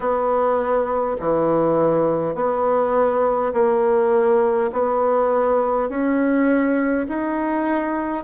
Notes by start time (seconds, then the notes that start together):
0.00 B3
1.20 E3
2.35 B3
3.53 A#3
4.72 B3
5.89 C#4
7.08 D#4